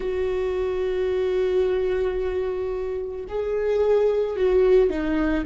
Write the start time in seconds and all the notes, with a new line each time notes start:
0.00 F#4
3.28 G#4
4.36 F#4
4.89 D#4